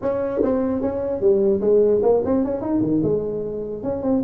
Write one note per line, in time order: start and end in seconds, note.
0.01 0.42 C#4
0.42 0.81 C4
0.81 1.20 C#4
1.20 1.60 G3
1.61 2.01 G#3
2.02 2.22 A#3
2.25 2.44 C4
2.44 2.61 C#4
2.61 2.81 D#4
2.81 3.01 D#3
3.03 3.83 G#3
3.83 4.02 C#4
4.02 4.22 C4